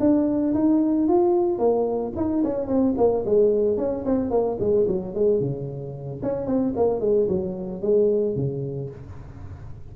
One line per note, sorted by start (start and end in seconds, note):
0.00 0.54 D4
0.55 1.08 D#4
1.08 1.59 F4
1.59 2.13 A#3
2.16 2.43 D#4
2.44 2.68 C#4
2.68 2.95 C4
2.98 3.25 A#3
3.26 3.78 G#3
3.78 4.05 C#4
4.06 4.31 C4
4.31 4.58 A#3
4.60 4.87 G#3
4.88 5.15 F#3
5.15 5.41 G#3
5.41 6.22 C#3
6.23 6.47 C#4
6.47 6.74 C4
6.76 7.00 A#3
7.00 7.28 G#3
7.28 7.82 F#3
7.82 8.36 G#3
8.36 8.90 C#3